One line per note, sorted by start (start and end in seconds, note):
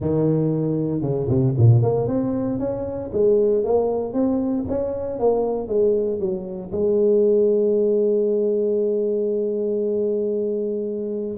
0.00 1.01 D#3
1.01 1.27 C#3
1.28 1.54 C3
1.57 1.82 A#2
1.82 2.07 A#3
2.07 2.59 C4
2.59 3.10 C#4
3.12 3.63 G#3
3.63 4.13 A#3
4.13 4.65 C4
4.68 5.19 C#4
5.19 5.68 A#3
5.68 6.19 G#3
6.19 6.71 F#3
6.72 11.37 G#3